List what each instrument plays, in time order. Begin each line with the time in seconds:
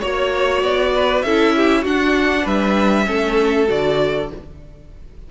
0.00 cello A#3, viola F#4, violin C#5
0.62 cello B3, violin D5
0.95 violin B4
1.22 cello C#4, viola E4, violin A4 E5
1.55 violin G4
1.82 cello D4, viola D4, violin F#4 F#5
2.44 cello G3, violin B4 E5
3.05 cello A3, viola C#4, violin A4
3.68 cello D3, viola F#4, violin D5